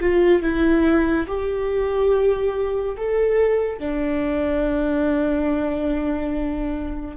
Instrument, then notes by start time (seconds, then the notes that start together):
viola
0.00 F4
0.42 E4
1.27 G4
2.97 A4
3.79 D4